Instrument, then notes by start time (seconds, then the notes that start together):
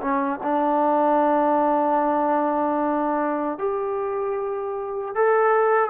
trombone
0.00 C#4
0.43 D4
3.58 G4
5.15 A4